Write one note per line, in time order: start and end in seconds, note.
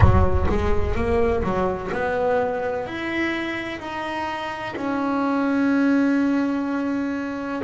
0.00 0.46 F#3
0.48 0.95 G#3
0.95 1.42 A#3
1.43 1.90 F#3
1.92 2.86 B3
2.86 3.79 E4
3.79 4.74 D#4
4.76 7.62 C#4